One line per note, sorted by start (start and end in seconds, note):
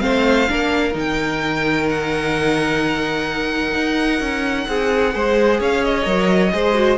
0.00 0.50 A3
0.00 0.47 C4
0.00 0.49 C5
0.00 0.93 F5
0.48 0.95 A#3
0.48 0.93 D4
0.48 4.68 A#4
0.93 3.74 D#3
0.93 5.11 D#4
0.99 1.89 G5
1.89 5.61 F#5
3.74 4.20 D#4
4.20 4.67 C#4
4.68 5.15 C4
4.68 5.15 G#4
5.13 5.60 G#3
5.13 6.05 G#4
5.13 5.60 C5
5.60 6.06 C#4
5.60 6.53 C#5
5.60 5.85 F5
5.85 6.98 D#5
6.05 6.53 F#3
6.05 6.51 A#4
6.52 6.98 G#3
6.52 6.75 G#4
6.52 6.98 C5
6.75 6.98 F#4